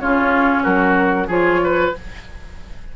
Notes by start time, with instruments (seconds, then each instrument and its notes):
0.00 bassoon C#3, clarinet C#4, oboe F4, flute C#5
0.63 bassoon F#3, oboe F#4, flute A#4
1.28 bassoon F3, clarinet F4, oboe G#4, flute C#5
1.64 oboe B4